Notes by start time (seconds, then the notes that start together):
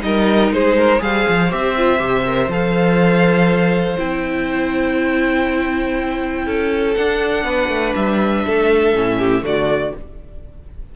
0.00 G3 D#4 A#4 D#5
0.51 G#3 G#4 C5
0.77 A#4
0.99 G3 G#4 C5 F5
1.29 F3
1.51 C4 G4 E5
1.78 F4
1.98 C3 G4
2.26 A#4
2.48 F3 A4 F5
3.97 C4 E4 G5
6.46 C#4 A4
6.95 D4 F#5
7.44 B3 B4
7.68 A3
7.96 G3 E5
8.45 A3 A4
8.94 A2 C#4
9.18 G4
9.41 D3 A3 F#4 D5